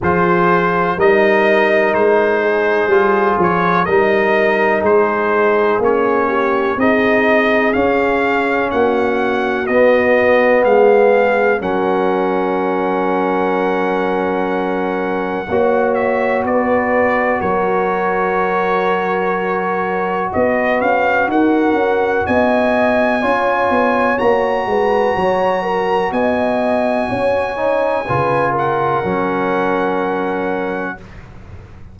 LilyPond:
<<
  \new Staff \with { instrumentName = "trumpet" } { \time 4/4 \tempo 4 = 62 c''4 dis''4 c''4. cis''8 | dis''4 c''4 cis''4 dis''4 | f''4 fis''4 dis''4 f''4 | fis''1~ |
fis''8 e''8 d''4 cis''2~ | cis''4 dis''8 f''8 fis''4 gis''4~ | gis''4 ais''2 gis''4~ | gis''4. fis''2~ fis''8 | }
  \new Staff \with { instrumentName = "horn" } { \time 4/4 gis'4 ais'4. gis'4. | ais'4 gis'4. g'8 gis'4~ | gis'4 fis'2 gis'4 | ais'1 |
cis''4 b'4 ais'2~ | ais'4 b'4 ais'4 dis''4 | cis''4. b'8 cis''8 ais'8 dis''4 | cis''4 b'8 ais'2~ ais'8 | }
  \new Staff \with { instrumentName = "trombone" } { \time 4/4 f'4 dis'2 f'4 | dis'2 cis'4 dis'4 | cis'2 b2 | cis'1 |
fis'1~ | fis'1 | f'4 fis'2.~ | fis'8 dis'8 f'4 cis'2 | }
  \new Staff \with { instrumentName = "tuba" } { \time 4/4 f4 g4 gis4 g8 f8 | g4 gis4 ais4 c'4 | cis'4 ais4 b4 gis4 | fis1 |
ais4 b4 fis2~ | fis4 b8 cis'8 dis'8 cis'8 b4 | cis'8 b8 ais8 gis8 fis4 b4 | cis'4 cis4 fis2 | }
>>